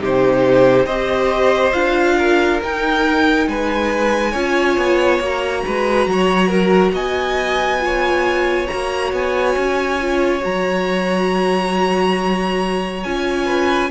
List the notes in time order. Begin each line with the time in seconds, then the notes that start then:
0.00 C3 D#4 G4 C5
0.86 C4 G4 C5 D#5
1.73 D4 F4 F5
2.18 A#4
2.63 D#4 G5
3.48 G#3 B4 G#5
4.32 C#4 F4 C#5
4.78 B3
5.20 A#3 F#4 A#5
5.66 G#3 B4
6.07 F#3 C#5
6.49 A#4
6.92 B3 D#5 G#5
7.80 F4 C#5
8.68 A#3 F#4 A#5
9.13 B3 G#5
9.56 C#4
10.01 F4
10.40 F#3 F#4 A#5
13.04 C#4 F4 G#5
13.46 B4